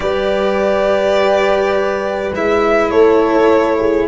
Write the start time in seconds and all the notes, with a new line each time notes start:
0.00 G3 G4 B4 D5
2.34 G#3 E4 E5
2.90 A3 A4 C#5
3.79 G#4